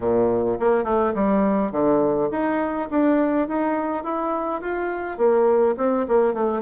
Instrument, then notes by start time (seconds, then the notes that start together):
bassoon
0.00 A#2
0.59 A#3
0.84 A3
1.14 G3
1.71 D3
2.31 D#4
2.90 D4
3.47 D#4
4.03 E4
4.61 F4
5.17 A#3
5.77 C4
6.07 A#3
6.33 A3